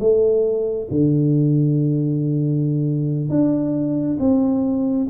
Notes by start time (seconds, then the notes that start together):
0.00 A3
0.91 D3
3.29 D4
4.20 C4